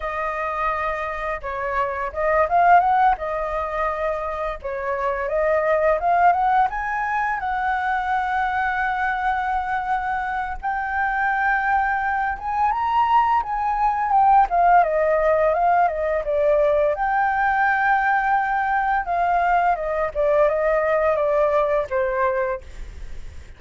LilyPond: \new Staff \with { instrumentName = "flute" } { \time 4/4 \tempo 4 = 85 dis''2 cis''4 dis''8 f''8 | fis''8 dis''2 cis''4 dis''8~ | dis''8 f''8 fis''8 gis''4 fis''4.~ | fis''2. g''4~ |
g''4. gis''8 ais''4 gis''4 | g''8 f''8 dis''4 f''8 dis''8 d''4 | g''2. f''4 | dis''8 d''8 dis''4 d''4 c''4 | }